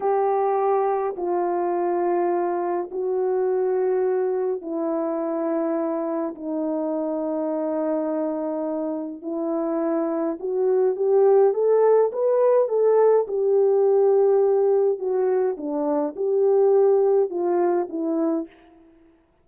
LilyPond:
\new Staff \with { instrumentName = "horn" } { \time 4/4 \tempo 4 = 104 g'2 f'2~ | f'4 fis'2. | e'2. dis'4~ | dis'1 |
e'2 fis'4 g'4 | a'4 b'4 a'4 g'4~ | g'2 fis'4 d'4 | g'2 f'4 e'4 | }